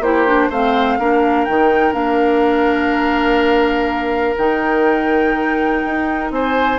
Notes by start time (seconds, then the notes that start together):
0.00 A#3 E4 G4 C5
0.26 D4
0.50 A3 C4 C5 F5
0.98 A#3 D4 A#4
1.45 D#3 D#4 G5
1.92 A#3 D4 F5
4.37 D#3 D#4 G5
5.85 D#4
6.31 C4 C5 G#5